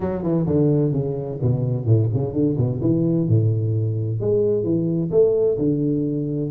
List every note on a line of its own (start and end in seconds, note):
0.00 0.22 F#3
0.22 0.46 E3
0.46 0.92 D3
0.92 1.38 C#3
1.41 1.85 B2
1.85 2.09 A2
2.13 2.33 C#3
2.33 2.56 D3
2.57 2.80 B2
2.81 3.27 E3
3.28 4.20 A2
4.20 4.63 G#3
4.63 5.10 E3
5.11 5.57 A3
5.58 6.51 D3